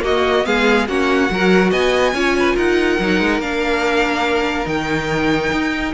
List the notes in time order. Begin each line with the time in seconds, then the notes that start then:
0.00 A#3 F#4 D#5
0.44 G#3 B3 G#4 F5
0.88 A#3 C#4 F#4 F#5
1.29 F#3 F#4 A#4
1.71 B3 D#5 G#5
2.13 C#4 F4 C#5
2.39 B4
2.55 D#4 A#4 F#5
2.99 F#3 D#4
3.20 G#3
3.38 A#3 D4 F5
4.65 D#3 D#4 G5
5.52 D#4